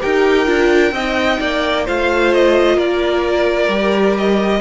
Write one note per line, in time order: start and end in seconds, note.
0.00 0.47 D#4
0.00 0.45 G4
0.00 0.92 A#4
0.00 1.86 G5
0.45 0.91 D4
0.45 0.92 F4
0.91 1.37 C4
0.91 1.86 D#4
0.91 1.39 D#5
1.40 1.87 A#3
1.40 1.85 D5
1.85 2.77 A3
1.85 3.69 F4
1.85 2.75 C5
1.85 2.33 F5
2.33 2.78 D#5
2.75 3.67 A#3
2.75 4.60 A#4
2.75 4.16 D5
3.67 4.60 G3
3.67 4.60 G4
4.17 4.60 D#5